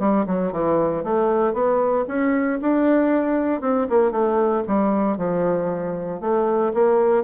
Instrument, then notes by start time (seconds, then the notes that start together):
bassoon
0.00 G3
0.27 F#3
0.53 E3
1.04 A3
1.54 B3
2.08 C#4
2.62 D4
3.62 C4
3.90 A#3
4.12 A3
4.68 G3
5.18 F3
6.21 A3
6.75 A#3